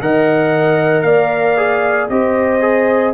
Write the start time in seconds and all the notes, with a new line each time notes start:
0.00 D#3 A#4 D#5 F#5
1.01 A#3 D5 F5
1.57 G#4
2.09 C4 G4 C5 D#5
2.61 G#4